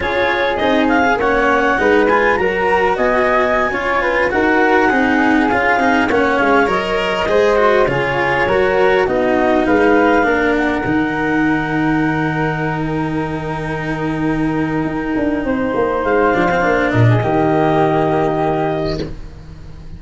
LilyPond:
<<
  \new Staff \with { instrumentName = "clarinet" } { \time 4/4 \tempo 4 = 101 cis''4 dis''8 f''8 fis''4. gis''8 | ais''4 gis''2~ gis''16 fis''8.~ | fis''4~ fis''16 f''4 fis''8 f''8 dis''8.~ | dis''4~ dis''16 cis''2 dis''8.~ |
dis''16 f''4. fis''2~ fis''16~ | fis''4. g''2~ g''8~ | g''2. f''4~ | f''8 dis''2.~ dis''8 | }
  \new Staff \with { instrumentName = "flute" } { \time 4/4 gis'2 cis''4 b'4 | ais'4 dis''4~ dis''16 cis''8 b'8 ais'8.~ | ais'16 gis'2 cis''4.~ cis''16~ | cis''16 c''4 gis'4 ais'4 fis'8.~ |
fis'16 b'4 ais'2~ ais'8.~ | ais'1~ | ais'2 c''2~ | c''8 ais'16 gis'16 g'2. | }
  \new Staff \with { instrumentName = "cello" } { \time 4/4 f'4 dis'8. gis'16 cis'4 dis'8 f'8 | fis'2~ fis'16 f'4 fis'8.~ | fis'16 dis'4 f'8 dis'8 cis'4 ais'8.~ | ais'16 gis'8 fis'8 f'4 fis'4 dis'8.~ |
dis'4~ dis'16 d'4 dis'4.~ dis'16~ | dis'1~ | dis'2.~ dis'8 d'16 c'16 | d'4 ais2. | }
  \new Staff \with { instrumentName = "tuba" } { \time 4/4 cis'4 c'4 ais4 gis4 | fis4 b4~ b16 cis'4 dis'8.~ | dis'16 c'4 cis'8 c'8 ais8 gis8 fis8.~ | fis16 gis4 cis4 fis4 b8.~ |
b16 gis4 ais4 dis4.~ dis16~ | dis1~ | dis4 dis'8 d'8 c'8 ais8 gis8 f8 | ais8 ais,8 dis2. | }
>>